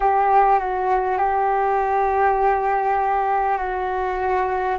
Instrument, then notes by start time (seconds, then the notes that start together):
flute
0.00 G4
0.59 F#4
1.18 G4
3.57 F#4